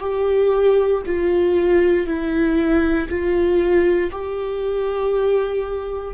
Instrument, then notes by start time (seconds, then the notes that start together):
viola
0.00 G4
1.06 F4
2.07 E4
3.09 F4
4.11 G4